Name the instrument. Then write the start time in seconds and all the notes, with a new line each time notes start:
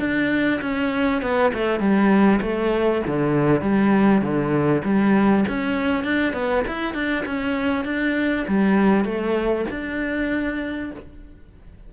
cello
0.00 D4
0.61 C#4
1.22 B3
1.54 A3
1.80 G3
2.42 A3
3.07 D3
3.61 G3
4.22 D3
4.85 G3
5.48 C#4
6.04 D4
6.34 B3
6.68 E4
6.94 D4
7.26 C#4
7.85 D4
8.48 G3
9.05 A3
9.71 D4